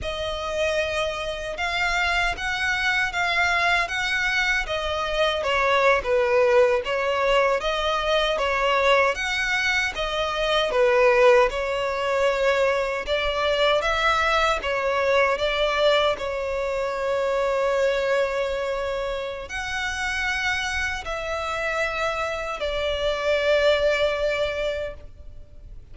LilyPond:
\new Staff \with { instrumentName = "violin" } { \time 4/4 \tempo 4 = 77 dis''2 f''4 fis''4 | f''4 fis''4 dis''4 cis''8. b'16~ | b'8. cis''4 dis''4 cis''4 fis''16~ | fis''8. dis''4 b'4 cis''4~ cis''16~ |
cis''8. d''4 e''4 cis''4 d''16~ | d''8. cis''2.~ cis''16~ | cis''4 fis''2 e''4~ | e''4 d''2. | }